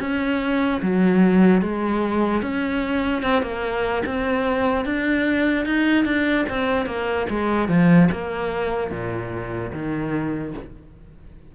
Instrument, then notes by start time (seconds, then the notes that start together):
cello
0.00 C#4
0.82 F#3
1.62 G#3
2.42 C#4
3.22 C4
3.42 A#3
4.05 C4
4.85 D4
5.66 D#4
6.05 D4
6.49 C4
6.86 A#3
7.29 G#3
7.68 F3
8.12 A#3
8.91 A#2
9.73 D#3